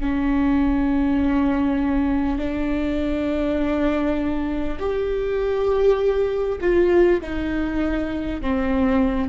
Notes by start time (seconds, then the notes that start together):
0.00 C#4
2.38 D4
4.79 G4
6.60 F4
7.21 D#4
8.41 C4